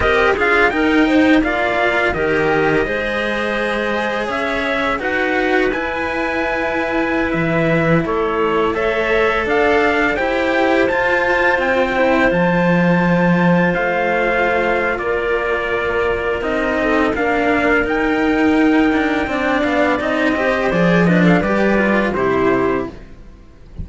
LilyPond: <<
  \new Staff \with { instrumentName = "trumpet" } { \time 4/4 \tempo 4 = 84 dis''8 f''8 g''4 f''4 dis''4~ | dis''2 e''4 fis''4 | gis''2~ gis''16 e''4 cis''8.~ | cis''16 e''4 f''4 g''4 a''8.~ |
a''16 g''4 a''2 f''8.~ | f''4 d''2 dis''4 | f''4 g''2~ g''8 f''8 | dis''4 d''8 dis''16 f''16 d''4 c''4 | }
  \new Staff \with { instrumentName = "clarinet" } { \time 4/4 ais'8 gis'8 ais'8 c''8 d''4 ais'4 | c''2 cis''4 b'4~ | b'2.~ b'16 a'8.~ | a'16 cis''4 d''4 c''4.~ c''16~ |
c''1~ | c''4 ais'2~ ais'8 a'8 | ais'2. d''4~ | d''8 c''4 b'16 a'16 b'4 g'4 | }
  \new Staff \with { instrumentName = "cello" } { \time 4/4 g'8 f'8 dis'4 f'4 g'4 | gis'2. fis'4 | e'1~ | e'16 a'2 g'4 f'8.~ |
f'8. e'8 f'2~ f'8.~ | f'2. dis'4 | d'4 dis'2 d'4 | dis'8 g'8 gis'8 d'8 g'8 f'8 e'4 | }
  \new Staff \with { instrumentName = "cello" } { \time 4/4 c'8 d'8 dis'4 ais4 dis4 | gis2 cis'4 dis'4 | e'2~ e'16 e4 a8.~ | a4~ a16 d'4 e'4 f'8.~ |
f'16 c'4 f2 a8.~ | a4 ais2 c'4 | ais4 dis'4. d'8 c'8 b8 | c'4 f4 g4 c4 | }
>>